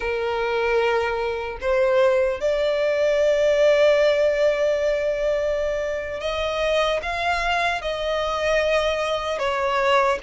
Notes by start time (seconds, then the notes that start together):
0.00 A#4
1.60 C5
2.40 D5
6.20 D#5
7.02 F5
7.81 D#5
9.39 C#5